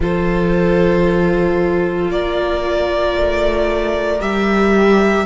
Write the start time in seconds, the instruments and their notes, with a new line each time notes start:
0.00 cello F3, viola F4, violin A4 C5
2.10 cello A#3, violin A#4 D5
3.15 cello A3
4.20 cello G3, viola G4, violin E5